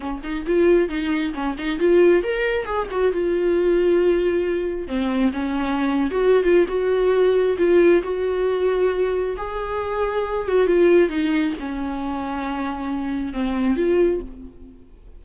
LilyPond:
\new Staff \with { instrumentName = "viola" } { \time 4/4 \tempo 4 = 135 cis'8 dis'8 f'4 dis'4 cis'8 dis'8 | f'4 ais'4 gis'8 fis'8 f'4~ | f'2. c'4 | cis'4.~ cis'16 fis'8. f'8 fis'4~ |
fis'4 f'4 fis'2~ | fis'4 gis'2~ gis'8 fis'8 | f'4 dis'4 cis'2~ | cis'2 c'4 f'4 | }